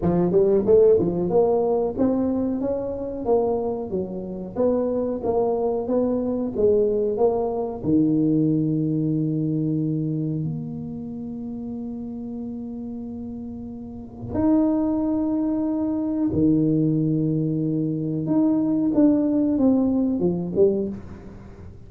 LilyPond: \new Staff \with { instrumentName = "tuba" } { \time 4/4 \tempo 4 = 92 f8 g8 a8 f8 ais4 c'4 | cis'4 ais4 fis4 b4 | ais4 b4 gis4 ais4 | dis1 |
ais1~ | ais2 dis'2~ | dis'4 dis2. | dis'4 d'4 c'4 f8 g8 | }